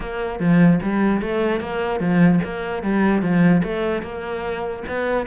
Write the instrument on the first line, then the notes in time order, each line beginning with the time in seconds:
cello
0.00 A#3
0.39 F3
0.82 G3
1.21 A3
1.60 A#3
1.99 F3
2.44 A#3
2.82 G3
3.21 F3
3.63 A3
4.02 A#3
4.87 B3